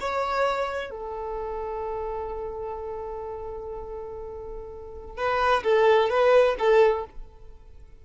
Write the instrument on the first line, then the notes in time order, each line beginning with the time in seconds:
violin
0.00 C#5
0.90 A4
5.17 B4
5.64 A4
6.10 B4
6.59 A4